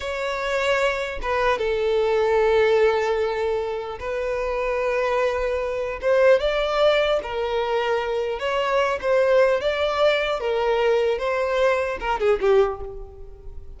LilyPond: \new Staff \with { instrumentName = "violin" } { \time 4/4 \tempo 4 = 150 cis''2. b'4 | a'1~ | a'2 b'2~ | b'2. c''4 |
d''2 ais'2~ | ais'4 cis''4. c''4. | d''2 ais'2 | c''2 ais'8 gis'8 g'4 | }